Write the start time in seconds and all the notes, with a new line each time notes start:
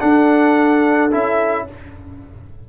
0.00 D4 A4 F#5
1.12 C#4 E4 E5